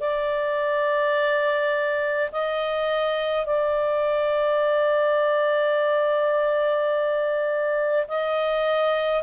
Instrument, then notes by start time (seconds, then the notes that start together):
clarinet
0.00 D5
2.31 D#5
3.46 D5
8.08 D#5